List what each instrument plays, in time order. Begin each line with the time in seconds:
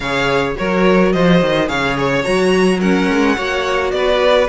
0.00 cello C#3, viola G#4, violin C#5 F5
0.55 cello F#3, viola F#4, violin A#4 C#5
1.12 cello F3, violin C5 D#5
1.41 cello D#3
1.67 cello C#3, viola G#4, violin C#5 F5
1.98 violin C#5
2.23 cello F#3, viola F#4, violin A#5
2.79 viola C#4, violin A#4 F#5
3.09 cello G#3
3.36 cello A#3, viola F#4, violin C#5
3.91 cello B3, violin B4 D5